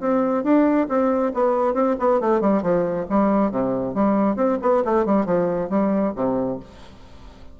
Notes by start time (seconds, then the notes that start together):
0.00 C4
0.43 D4
0.89 C4
1.34 B3
1.74 C4
1.99 B3
2.20 A3
2.41 G3
2.62 F3
3.10 G3
3.51 C3
3.94 G3
4.36 C4
4.62 B3
4.85 A3
5.06 G3
5.26 F3
5.70 G3
6.16 C3